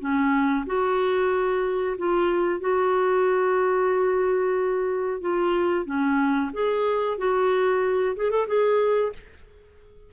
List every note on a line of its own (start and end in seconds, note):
0.00 0.65 C#4
0.67 1.97 F#4
1.98 2.61 F4
2.61 5.21 F#4
5.21 5.86 F4
5.86 6.51 C#4
6.53 7.18 G#4
7.18 8.16 F#4
8.17 8.31 G#4
8.31 8.47 A4
8.48 9.13 G#4